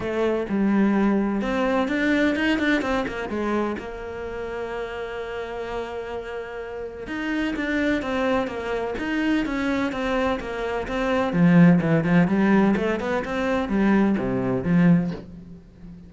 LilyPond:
\new Staff \with { instrumentName = "cello" } { \time 4/4 \tempo 4 = 127 a4 g2 c'4 | d'4 dis'8 d'8 c'8 ais8 gis4 | ais1~ | ais2. dis'4 |
d'4 c'4 ais4 dis'4 | cis'4 c'4 ais4 c'4 | f4 e8 f8 g4 a8 b8 | c'4 g4 c4 f4 | }